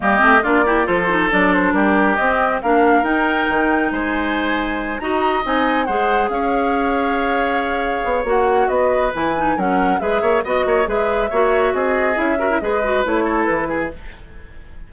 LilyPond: <<
  \new Staff \with { instrumentName = "flute" } { \time 4/4 \tempo 4 = 138 dis''4 d''4 c''4 d''8 c''8 | ais'4 dis''4 f''4 g''4~ | g''4 gis''2~ gis''8 ais''8~ | ais''8 gis''4 fis''4 f''4.~ |
f''2. fis''4 | dis''4 gis''4 fis''4 e''4 | dis''4 e''2 dis''4 | e''4 dis''4 cis''4 b'4 | }
  \new Staff \with { instrumentName = "oboe" } { \time 4/4 g'4 f'8 g'8 a'2 | g'2 ais'2~ | ais'4 c''2~ c''8 dis''8~ | dis''4. c''4 cis''4.~ |
cis''1 | b'2 ais'4 b'8 cis''8 | dis''8 cis''8 b'4 cis''4 gis'4~ | gis'8 ais'8 b'4. a'4 gis'8 | }
  \new Staff \with { instrumentName = "clarinet" } { \time 4/4 ais8 c'8 d'8 e'8 f'8 dis'8 d'4~ | d'4 c'4 d'4 dis'4~ | dis'2.~ dis'8 fis'8~ | fis'8 dis'4 gis'2~ gis'8~ |
gis'2. fis'4~ | fis'4 e'8 dis'8 cis'4 gis'4 | fis'4 gis'4 fis'2 | e'8 fis'16 e'16 gis'8 fis'8 e'2 | }
  \new Staff \with { instrumentName = "bassoon" } { \time 4/4 g8 a8 ais4 f4 fis4 | g4 c'4 ais4 dis'4 | dis4 gis2~ gis8 dis'8~ | dis'8 c'4 gis4 cis'4.~ |
cis'2~ cis'8 b8 ais4 | b4 e4 fis4 gis8 ais8 | b8 ais8 gis4 ais4 c'4 | cis'4 gis4 a4 e4 | }
>>